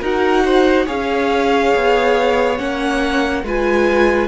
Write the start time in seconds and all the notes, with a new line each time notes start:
0.00 D#4 F#4 A#4 F#5
0.45 C5
0.86 C#4 G#4 C#5 F5
1.75 B3
2.58 A#3 C#4 F#5
3.44 G#3 F4 B4 G#5